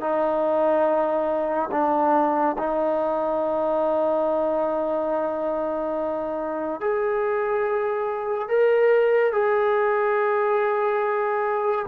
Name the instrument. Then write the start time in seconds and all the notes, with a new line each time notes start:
trombone
0.00 D#4
1.71 D4
2.58 D#4
6.80 G#4
8.48 A#4
9.32 G#4